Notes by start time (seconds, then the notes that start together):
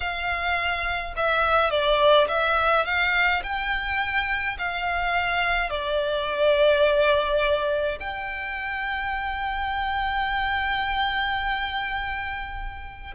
0.00 F5
1.16 E5
1.70 D5
2.28 E5
2.85 F5
3.43 G5
4.58 F5
5.69 D5
7.99 G5